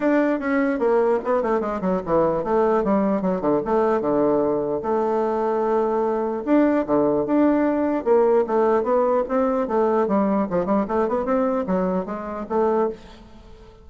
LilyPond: \new Staff \with { instrumentName = "bassoon" } { \time 4/4 \tempo 4 = 149 d'4 cis'4 ais4 b8 a8 | gis8 fis8 e4 a4 g4 | fis8 d8 a4 d2 | a1 |
d'4 d4 d'2 | ais4 a4 b4 c'4 | a4 g4 f8 g8 a8 b8 | c'4 fis4 gis4 a4 | }